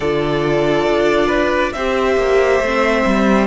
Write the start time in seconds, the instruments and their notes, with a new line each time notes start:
0.00 cello D3, viola F4, violin A4 D5
0.87 cello D4
1.26 violin B4
1.72 cello C4, viola G4, violin C5 E5
2.16 cello A#3
2.60 cello A3, viola C4
3.05 cello G3